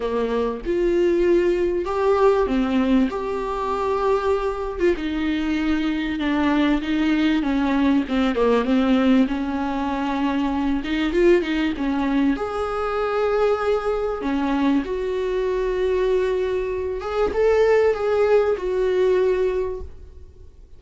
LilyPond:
\new Staff \with { instrumentName = "viola" } { \time 4/4 \tempo 4 = 97 ais4 f'2 g'4 | c'4 g'2~ g'8. f'16 | dis'2 d'4 dis'4 | cis'4 c'8 ais8 c'4 cis'4~ |
cis'4. dis'8 f'8 dis'8 cis'4 | gis'2. cis'4 | fis'2.~ fis'8 gis'8 | a'4 gis'4 fis'2 | }